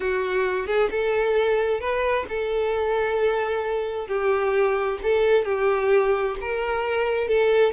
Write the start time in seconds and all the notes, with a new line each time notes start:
0.00 F#4
0.66 G#4
0.90 A4
1.80 B4
2.28 A4
4.07 G4
5.02 A4
5.44 G4
6.40 A#4
7.27 A4